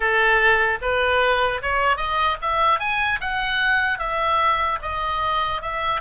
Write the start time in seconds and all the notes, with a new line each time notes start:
0.00 A4
0.81 B4
1.62 C#5
1.96 D#5
2.41 E5
2.79 G#5
3.20 F#5
3.98 E5
4.81 D#5
5.61 E5